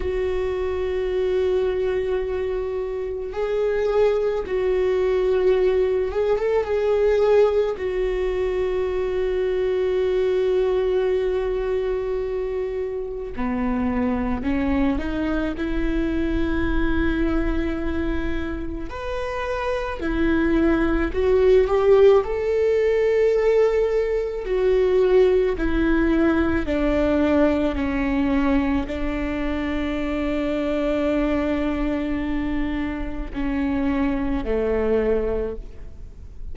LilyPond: \new Staff \with { instrumentName = "viola" } { \time 4/4 \tempo 4 = 54 fis'2. gis'4 | fis'4. gis'16 a'16 gis'4 fis'4~ | fis'1 | b4 cis'8 dis'8 e'2~ |
e'4 b'4 e'4 fis'8 g'8 | a'2 fis'4 e'4 | d'4 cis'4 d'2~ | d'2 cis'4 a4 | }